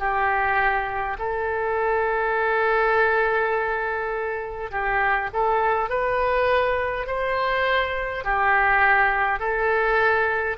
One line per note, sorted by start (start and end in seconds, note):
0.00 1.18 G4
1.19 4.72 A4
4.72 5.30 G4
5.34 5.90 A4
5.90 7.07 B4
7.07 8.25 C5
8.25 9.40 G4
9.40 10.58 A4